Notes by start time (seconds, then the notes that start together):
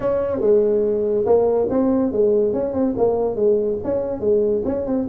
0.00 C#4
0.41 G#3
1.25 A#3
1.69 C4
2.12 G#3
2.53 C#4
2.73 C4
2.97 A#3
3.35 G#3
3.84 C#4
4.20 G#3
4.65 C#4
4.86 C4